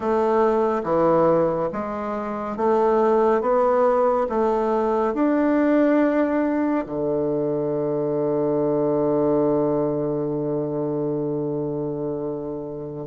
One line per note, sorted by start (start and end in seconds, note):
0.00 0.82 A3
0.83 1.69 E3
1.72 2.56 G#3
2.56 3.41 A3
3.41 4.27 B3
4.29 5.14 A3
5.14 6.85 D4
6.86 13.07 D3